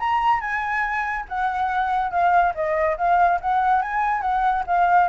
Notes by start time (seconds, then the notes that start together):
0.00 A#5
0.41 G#5
1.29 F#5
2.11 F5
2.55 D#5
2.98 F5
3.41 F#5
3.82 G#5
4.22 F#5
4.67 F5